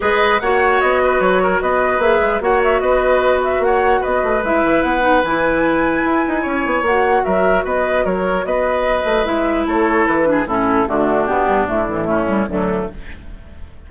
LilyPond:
<<
  \new Staff \with { instrumentName = "flute" } { \time 4/4 \tempo 4 = 149 dis''4 fis''4 dis''4 cis''4 | dis''4 e''4 fis''8 e''8 dis''4~ | dis''8 e''8 fis''4 dis''4 e''4 | fis''4 gis''2.~ |
gis''4 fis''4 e''4 dis''4 | cis''4 dis''2 e''4 | cis''4 b'4 a'4 fis'4 | g'4 e'2 d'4 | }
  \new Staff \with { instrumentName = "oboe" } { \time 4/4 b'4 cis''4. b'4 ais'8 | b'2 cis''4 b'4~ | b'4 cis''4 b'2~ | b'1 |
cis''2 ais'4 b'4 | ais'4 b'2. | a'4. gis'8 e'4 d'4~ | d'2 cis'4 a4 | }
  \new Staff \with { instrumentName = "clarinet" } { \time 4/4 gis'4 fis'2.~ | fis'4 gis'4 fis'2~ | fis'2. e'4~ | e'8 dis'8 e'2.~ |
e'4 fis'2.~ | fis'2. e'4~ | e'4. d'8 cis'4 a4 | b4 a8 e8 a8 g8 fis4 | }
  \new Staff \with { instrumentName = "bassoon" } { \time 4/4 gis4 ais4 b4 fis4 | b4 ais8 gis8 ais4 b4~ | b4 ais4 b8 a8 gis8 e8 | b4 e2 e'8 dis'8 |
cis'8 b8 ais4 fis4 b4 | fis4 b4. a8 gis4 | a4 e4 a,4 d4 | b,8 g,8 a,2 d,4 | }
>>